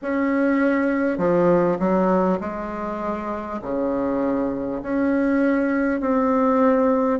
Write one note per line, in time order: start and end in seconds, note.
0.02 1.18 C#4
1.18 1.78 F3
1.79 2.39 F#3
2.40 3.60 G#3
3.62 4.82 C#3
4.82 6.00 C#4
6.00 7.19 C4